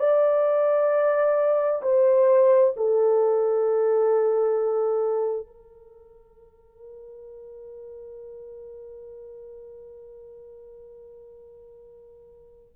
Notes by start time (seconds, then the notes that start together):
0.00 D5
1.83 C5
2.77 A4
5.47 A#4